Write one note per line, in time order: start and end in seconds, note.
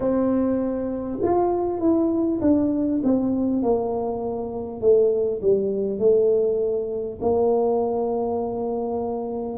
0.00 1.18 C4
1.22 1.80 F4
1.80 2.40 E4
2.41 3.01 D4
3.03 3.62 C4
3.62 4.80 A#3
4.80 5.40 A3
5.41 5.98 G3
5.98 7.18 A3
7.21 9.58 A#3